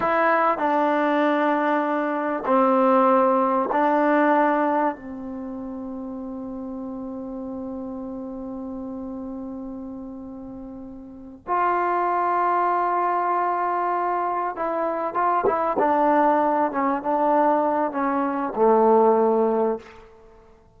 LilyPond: \new Staff \with { instrumentName = "trombone" } { \time 4/4 \tempo 4 = 97 e'4 d'2. | c'2 d'2 | c'1~ | c'1~ |
c'2~ c'8 f'4.~ | f'2.~ f'8 e'8~ | e'8 f'8 e'8 d'4. cis'8 d'8~ | d'4 cis'4 a2 | }